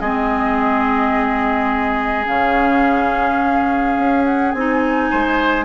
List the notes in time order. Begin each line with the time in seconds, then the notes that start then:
0.00 G#3 C4 G#4 D#5
2.26 C#3 C#4 F5
3.97 C#4
4.25 F#5
4.52 C4 D#4 G#5
5.11 G#3 C5